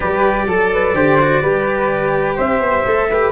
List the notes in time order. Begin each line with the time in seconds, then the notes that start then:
0.00 G3 G4 B4 D5
0.46 F#3 A4
0.72 B4
0.94 D3 G4 C5
1.20 F#4
1.41 G3 G4 B4
2.36 C4 C5 E5
2.59 B3
2.86 A3 A4
3.09 G4 B4